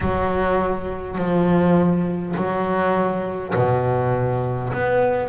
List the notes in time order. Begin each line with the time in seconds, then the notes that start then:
0.01 F#3
1.17 F3
2.36 F#3
3.55 B2
4.73 B3